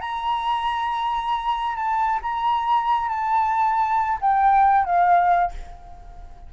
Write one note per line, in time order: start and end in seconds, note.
0.00 1.76 A#5
1.76 2.20 A5
2.22 3.08 A#5
3.08 4.19 A5
4.21 4.85 G5
4.85 5.51 F5